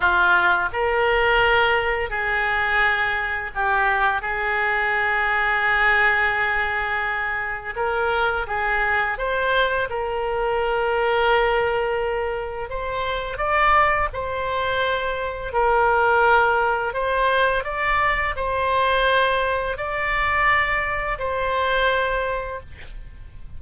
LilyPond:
\new Staff \with { instrumentName = "oboe" } { \time 4/4 \tempo 4 = 85 f'4 ais'2 gis'4~ | gis'4 g'4 gis'2~ | gis'2. ais'4 | gis'4 c''4 ais'2~ |
ais'2 c''4 d''4 | c''2 ais'2 | c''4 d''4 c''2 | d''2 c''2 | }